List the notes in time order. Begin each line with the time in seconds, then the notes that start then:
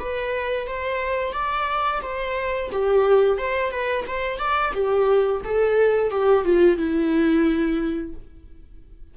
0.00 B4
0.68 C5
1.33 D5
2.03 C5
2.72 G4
3.38 C5
3.71 B4
4.08 C5
4.39 D5
4.74 G4
5.45 A4
6.11 G4
6.45 F4
6.78 E4